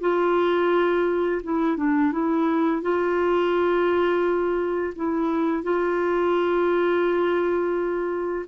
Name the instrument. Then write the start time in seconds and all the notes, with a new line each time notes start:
clarinet
0.00 F4
1.43 E4
1.76 D4
2.12 E4
2.82 F4
4.95 E4
5.63 F4